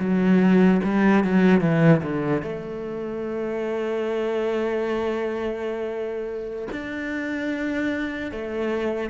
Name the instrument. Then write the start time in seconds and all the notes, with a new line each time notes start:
cello
0.00 F#3
0.84 G3
1.24 F#3
1.61 E3
2.03 D3
2.43 A3
6.72 D4
8.32 A3